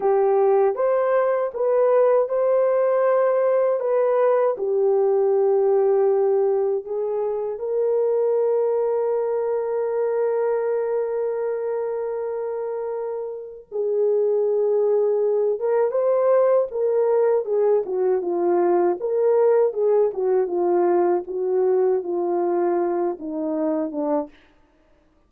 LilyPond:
\new Staff \with { instrumentName = "horn" } { \time 4/4 \tempo 4 = 79 g'4 c''4 b'4 c''4~ | c''4 b'4 g'2~ | g'4 gis'4 ais'2~ | ais'1~ |
ais'2 gis'2~ | gis'8 ais'8 c''4 ais'4 gis'8 fis'8 | f'4 ais'4 gis'8 fis'8 f'4 | fis'4 f'4. dis'4 d'8 | }